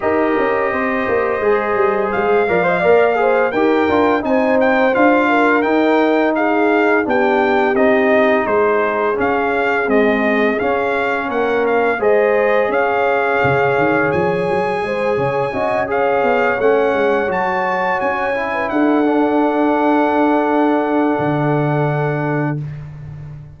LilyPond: <<
  \new Staff \with { instrumentName = "trumpet" } { \time 4/4 \tempo 4 = 85 dis''2. f''4~ | f''4 g''4 gis''8 g''8 f''4 | g''4 f''4 g''4 dis''4 | c''4 f''4 dis''4 f''4 |
fis''8 f''8 dis''4 f''2 | gis''2~ gis''8 f''4 fis''8~ | fis''8 a''4 gis''4 fis''4.~ | fis''1 | }
  \new Staff \with { instrumentName = "horn" } { \time 4/4 ais'4 c''2~ c''8 d''16 dis''16 | d''8 c''8 ais'4 c''4. ais'8~ | ais'4 gis'4 g'2 | gis'1 |
ais'4 c''4 cis''2~ | cis''4 c''8 cis''8 dis''8 cis''4.~ | cis''2~ cis''16 b'16 a'4.~ | a'1 | }
  \new Staff \with { instrumentName = "trombone" } { \time 4/4 g'2 gis'4. ais'16 c''16 | ais'8 gis'8 g'8 f'8 dis'4 f'4 | dis'2 d'4 dis'4~ | dis'4 cis'4 gis4 cis'4~ |
cis'4 gis'2.~ | gis'2 fis'8 gis'4 cis'8~ | cis'8 fis'4. e'4 d'4~ | d'1 | }
  \new Staff \with { instrumentName = "tuba" } { \time 4/4 dis'8 cis'8 c'8 ais8 gis8 g8 gis8 f8 | ais4 dis'8 d'8 c'4 d'4 | dis'2 b4 c'4 | gis4 cis'4 c'4 cis'4 |
ais4 gis4 cis'4 cis8 dis8 | f8 fis8 gis8 cis8 cis'4 b8 a8 | gis8 fis4 cis'4 d'4.~ | d'2 d2 | }
>>